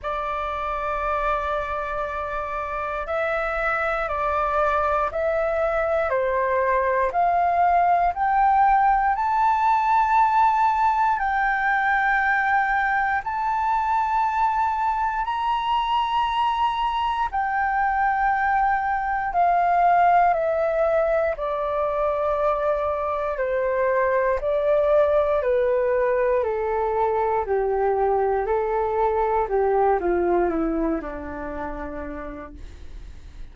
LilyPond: \new Staff \with { instrumentName = "flute" } { \time 4/4 \tempo 4 = 59 d''2. e''4 | d''4 e''4 c''4 f''4 | g''4 a''2 g''4~ | g''4 a''2 ais''4~ |
ais''4 g''2 f''4 | e''4 d''2 c''4 | d''4 b'4 a'4 g'4 | a'4 g'8 f'8 e'8 d'4. | }